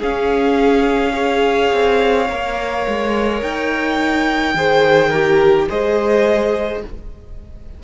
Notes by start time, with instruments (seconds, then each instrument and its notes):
0.00 cello C#4, viola C#4, violin G#4 F5
1.13 viola G#4, violin C#5
1.74 cello C4
2.30 cello A#3, viola A#4
2.88 cello G#3
3.42 cello D#4, violin G5
4.55 cello D#3, viola G#4, violin C5
5.10 viola G4, violin A#4
5.70 cello G#3, viola G#4, violin C5 D#5